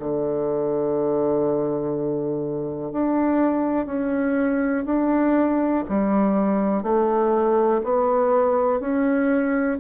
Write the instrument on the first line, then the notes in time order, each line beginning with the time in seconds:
bassoon
0.00 D3
2.92 D4
3.86 C#4
4.86 D4
5.89 G3
6.83 A3
7.84 B3
8.80 C#4